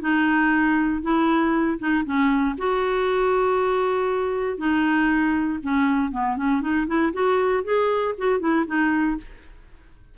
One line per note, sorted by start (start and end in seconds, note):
0.00 1.02 D#4
1.02 1.78 E4
1.78 2.04 D#4
2.05 2.56 C#4
2.57 4.57 F#4
4.57 5.59 D#4
5.62 6.11 C#4
6.11 6.36 B3
6.36 6.61 C#4
6.61 6.86 D#4
6.87 7.12 E4
7.13 7.63 F#4
7.63 8.14 G#4
8.18 8.40 F#4
8.40 8.65 E4
8.66 9.17 D#4